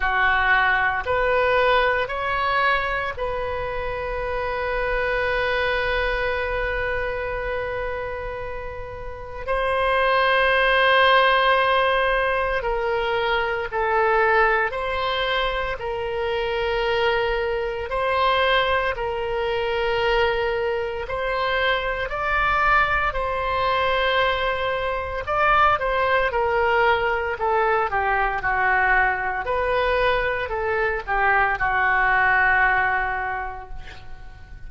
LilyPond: \new Staff \with { instrumentName = "oboe" } { \time 4/4 \tempo 4 = 57 fis'4 b'4 cis''4 b'4~ | b'1~ | b'4 c''2. | ais'4 a'4 c''4 ais'4~ |
ais'4 c''4 ais'2 | c''4 d''4 c''2 | d''8 c''8 ais'4 a'8 g'8 fis'4 | b'4 a'8 g'8 fis'2 | }